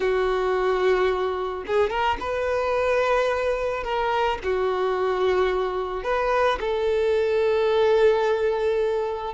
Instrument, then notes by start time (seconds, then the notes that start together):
violin
0.00 F#4
1.66 G#4
1.89 A#4
2.20 B4
3.83 A#4
4.43 F#4
6.03 B4
6.59 A4